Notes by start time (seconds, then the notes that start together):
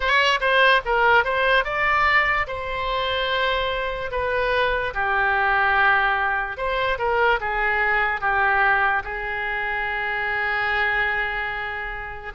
0.00 C#5
0.40 C5
0.85 A#4
1.24 C5
1.64 D5
2.47 C5
4.11 B4
4.94 G4
6.57 C5
6.98 A#4
7.40 G#4
8.20 G4
9.04 G#4